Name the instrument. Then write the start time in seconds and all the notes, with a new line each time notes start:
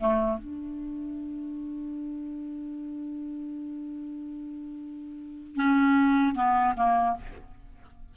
clarinet
0.00 A3
0.38 D4
5.56 C#4
6.35 B3
6.76 A#3